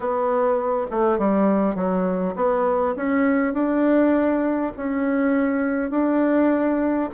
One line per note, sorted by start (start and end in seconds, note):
0.00 0.86 B3
0.90 1.18 A3
1.18 1.75 G3
1.75 2.34 F#3
2.35 2.95 B3
2.95 3.53 C#4
3.53 4.72 D4
4.77 5.90 C#4
5.90 7.09 D4